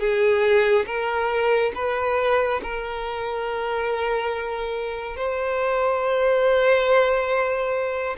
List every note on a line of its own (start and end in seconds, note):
0.00 0.86 G#4
0.86 1.72 A#4
1.75 2.61 B4
2.63 5.17 A#4
5.17 8.17 C5